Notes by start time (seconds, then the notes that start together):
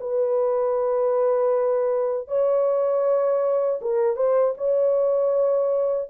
0.00 B4
2.28 C#5
3.81 A#4
4.16 C5
4.57 C#5